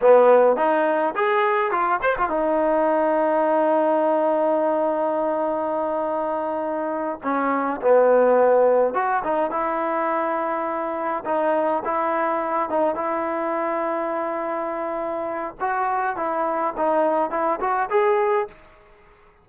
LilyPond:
\new Staff \with { instrumentName = "trombone" } { \time 4/4 \tempo 4 = 104 b4 dis'4 gis'4 f'8 c''16 f'16 | dis'1~ | dis'1~ | dis'8 cis'4 b2 fis'8 |
dis'8 e'2. dis'8~ | dis'8 e'4. dis'8 e'4.~ | e'2. fis'4 | e'4 dis'4 e'8 fis'8 gis'4 | }